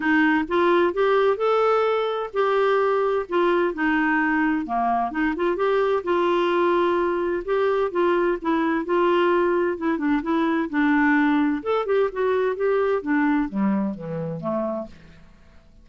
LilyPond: \new Staff \with { instrumentName = "clarinet" } { \time 4/4 \tempo 4 = 129 dis'4 f'4 g'4 a'4~ | a'4 g'2 f'4 | dis'2 ais4 dis'8 f'8 | g'4 f'2. |
g'4 f'4 e'4 f'4~ | f'4 e'8 d'8 e'4 d'4~ | d'4 a'8 g'8 fis'4 g'4 | d'4 g4 e4 a4 | }